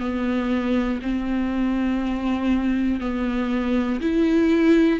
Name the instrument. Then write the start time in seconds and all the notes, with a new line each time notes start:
viola
0.00 B3
1.02 C4
3.00 B3
4.01 E4